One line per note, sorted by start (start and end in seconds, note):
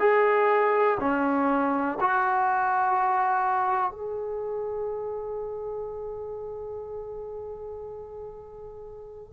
0.00 0.98 G#4
1.00 1.99 C#4
2.01 3.92 F#4
3.92 9.33 G#4